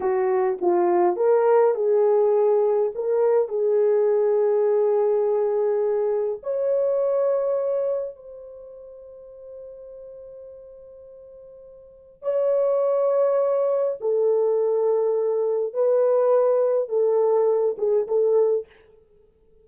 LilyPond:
\new Staff \with { instrumentName = "horn" } { \time 4/4 \tempo 4 = 103 fis'4 f'4 ais'4 gis'4~ | gis'4 ais'4 gis'2~ | gis'2. cis''4~ | cis''2 c''2~ |
c''1~ | c''4 cis''2. | a'2. b'4~ | b'4 a'4. gis'8 a'4 | }